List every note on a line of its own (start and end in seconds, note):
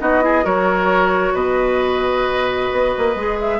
0.00 0.45 B3
0.00 0.21 D#4
0.00 0.24 F#4
0.00 0.45 D#5
0.21 0.43 E4
0.21 0.45 G#4
0.43 1.33 F#3
0.43 3.14 F#4
0.43 1.34 A#4
0.43 1.36 C#5
1.33 2.68 B2
1.33 3.60 B4
1.33 3.39 D#5
2.72 2.95 B3
2.98 3.16 A#3
3.16 3.60 G#3
3.16 3.60 G#4
3.40 3.60 E5